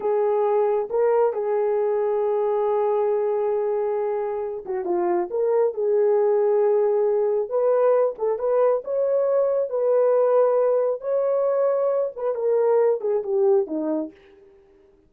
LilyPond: \new Staff \with { instrumentName = "horn" } { \time 4/4 \tempo 4 = 136 gis'2 ais'4 gis'4~ | gis'1~ | gis'2~ gis'8 fis'8 f'4 | ais'4 gis'2.~ |
gis'4 b'4. a'8 b'4 | cis''2 b'2~ | b'4 cis''2~ cis''8 b'8 | ais'4. gis'8 g'4 dis'4 | }